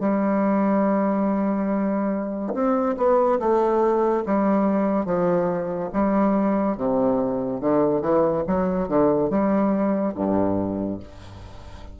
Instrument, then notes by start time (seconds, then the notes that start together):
bassoon
0.00 G3
2.54 C4
2.97 B3
3.39 A3
4.26 G3
5.06 F3
5.93 G3
6.77 C3
7.61 D3
8.02 E3
8.47 F#3
8.88 D3
9.30 G3
10.15 G2